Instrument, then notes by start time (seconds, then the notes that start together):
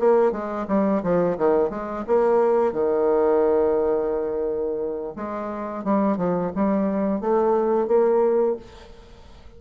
bassoon
0.00 A#3
0.32 G#3
0.68 G3
1.04 F3
1.38 D#3
1.71 G#3
2.07 A#3
2.73 D#3
5.16 G#3
5.85 G3
6.18 F3
6.56 G3
7.21 A3
7.88 A#3